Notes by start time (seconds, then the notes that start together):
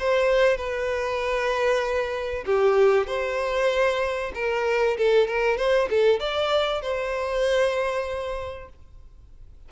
0.00 C5
0.57 B4
2.46 G4
3.08 C5
4.35 A#4
4.98 A4
5.28 A#4
5.58 C5
5.90 A4
6.20 D5
6.82 C5